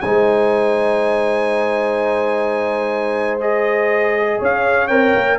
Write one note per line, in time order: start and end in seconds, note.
0.00 4.40 G#3
0.00 3.40 D#4
0.00 4.38 C5
0.00 3.38 G#5
3.40 4.89 G#4
3.40 4.40 D#5
4.38 4.90 C#4
4.38 5.38 C#5
4.44 4.87 F5
4.87 5.15 C4
4.87 5.38 A#4
4.87 5.37 G5
5.15 5.38 A#3